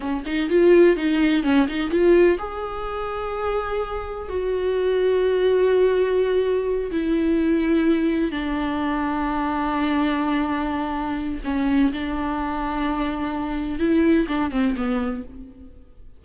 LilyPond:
\new Staff \with { instrumentName = "viola" } { \time 4/4 \tempo 4 = 126 cis'8 dis'8 f'4 dis'4 cis'8 dis'8 | f'4 gis'2.~ | gis'4 fis'2.~ | fis'2~ fis'8 e'4.~ |
e'4. d'2~ d'8~ | d'1 | cis'4 d'2.~ | d'4 e'4 d'8 c'8 b4 | }